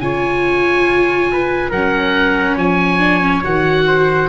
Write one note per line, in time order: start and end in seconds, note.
0.00 1.72 C#3
0.00 1.74 F4
0.00 1.32 C#5
0.00 1.71 G#5
1.32 1.70 B4
1.70 2.57 F#3
1.70 2.99 C#4
1.70 2.56 A#4
1.70 2.57 F#5
2.56 3.43 F3
2.56 3.84 C#5
2.56 3.44 G#5
2.99 3.21 D4
3.21 3.42 C#4
3.44 4.29 D#3
3.44 4.29 F#4
3.44 4.29 F#5
3.87 4.29 C5